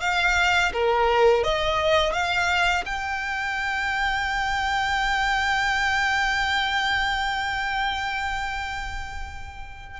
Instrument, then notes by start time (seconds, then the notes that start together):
violin
0.00 F5
0.72 A#4
1.43 D#5
2.12 F5
2.85 G5